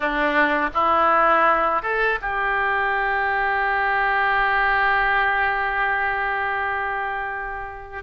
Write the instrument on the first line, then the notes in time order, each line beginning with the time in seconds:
oboe
0.00 D4
0.74 E4
1.82 A4
2.21 G4